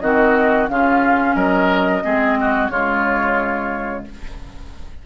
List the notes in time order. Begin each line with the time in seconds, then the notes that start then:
0.00 D#3 C4 F#4 D#5
0.68 C#3 C#4 F4 F5
1.35 F#3 A#4 D#5
2.04 G#3 C4 G#4
2.40 F#4
2.69 C#3 G#3 F4 C#5